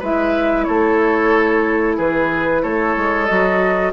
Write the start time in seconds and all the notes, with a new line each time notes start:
0.00 G#3 E4 B4 E5
0.64 A3 A4 C#5
1.97 E3 G#4 B4
2.63 A3 A4 C#5
2.97 G#3
3.26 F#3 F#4 D#5